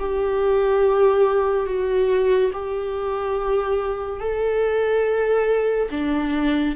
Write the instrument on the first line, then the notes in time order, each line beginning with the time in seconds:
viola
0.00 G4
1.67 F#4
2.54 G4
4.20 A4
5.91 D4